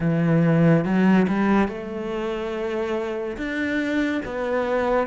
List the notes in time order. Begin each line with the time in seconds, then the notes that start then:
0.00 E3
0.85 F#3
1.28 G3
1.67 A3
3.36 D4
4.25 B3